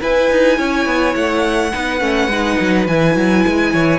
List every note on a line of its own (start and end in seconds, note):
0.00 1.71 E4
0.00 0.30 E4
0.00 0.57 B4
0.00 1.15 G#5
0.30 0.58 D#4
0.57 0.86 C#4
0.57 1.71 C#5
0.86 1.14 B3
1.15 1.72 A3
1.15 2.86 F#5
1.72 2.01 B3
1.72 2.00 D#4
1.72 3.72 B4
2.00 2.27 A3
2.00 2.29 C#4
2.27 2.56 G#3
2.27 2.87 D#4
2.60 2.87 F#3
2.87 3.15 E3
2.87 3.99 E4
2.87 3.99 G#5
3.15 3.44 F#3
3.47 3.74 G#3
3.72 3.99 E3
3.72 3.99 C#5